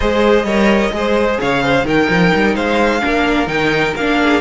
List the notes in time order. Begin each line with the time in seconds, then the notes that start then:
0.00 G#3 G#4 C5 D#5
0.43 G3 A#4 C#5
0.92 G#3 G#4 C5
1.39 C#3 C#5 F5
1.62 C5
1.84 D#3 D#4 A#4 G5
2.09 F3
2.35 G3
2.54 G#3 C5 F5
3.01 A#3 D4 A#4
3.46 D#3 D#4 G5
3.96 A#3 D4 F5
4.22 G#4